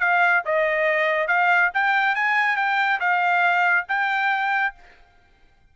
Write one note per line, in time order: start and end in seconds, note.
0.00 0.43 F5
0.46 1.28 D#5
1.28 1.71 F5
1.74 2.15 G5
2.15 2.57 G#5
2.57 3.00 G5
3.00 3.86 F5
3.88 4.75 G5